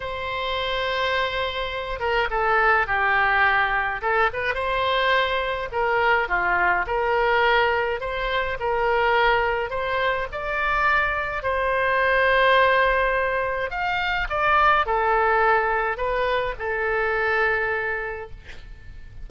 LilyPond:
\new Staff \with { instrumentName = "oboe" } { \time 4/4 \tempo 4 = 105 c''2.~ c''8 ais'8 | a'4 g'2 a'8 b'8 | c''2 ais'4 f'4 | ais'2 c''4 ais'4~ |
ais'4 c''4 d''2 | c''1 | f''4 d''4 a'2 | b'4 a'2. | }